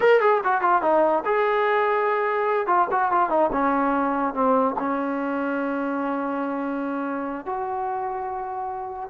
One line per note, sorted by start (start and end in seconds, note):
0.00 0.20 A#4
0.20 0.41 G#4
0.43 0.61 F#4
0.61 0.82 F4
0.82 1.23 D#4
1.25 2.67 G#4
2.67 2.87 F4
2.91 3.11 F#4
3.11 3.29 F4
3.29 3.50 D#4
3.52 4.34 C#4
4.34 4.75 C4
4.78 7.45 C#4
7.45 9.09 F#4